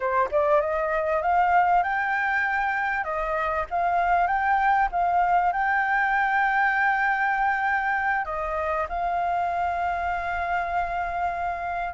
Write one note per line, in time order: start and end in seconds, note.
0.00 0.29 C5
0.31 0.60 D5
0.60 1.21 D#5
1.21 1.83 F5
1.83 3.04 G5
3.04 3.65 D#5
3.70 4.27 F5
4.27 4.88 G5
4.91 5.52 F5
5.52 8.25 G5
8.25 8.86 D#5
8.88 11.94 F5